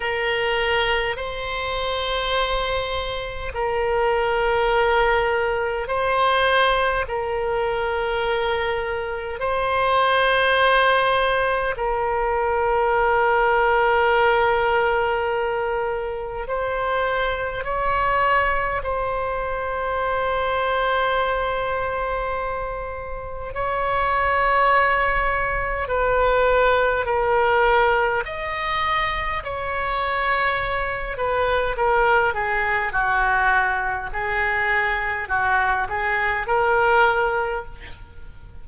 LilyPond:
\new Staff \with { instrumentName = "oboe" } { \time 4/4 \tempo 4 = 51 ais'4 c''2 ais'4~ | ais'4 c''4 ais'2 | c''2 ais'2~ | ais'2 c''4 cis''4 |
c''1 | cis''2 b'4 ais'4 | dis''4 cis''4. b'8 ais'8 gis'8 | fis'4 gis'4 fis'8 gis'8 ais'4 | }